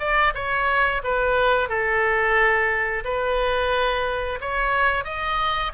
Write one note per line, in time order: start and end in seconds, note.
0.00 0.34 D5
0.35 1.02 C#5
1.04 1.69 B4
1.69 3.04 A4
3.05 4.39 B4
4.41 5.05 C#5
5.05 5.72 D#5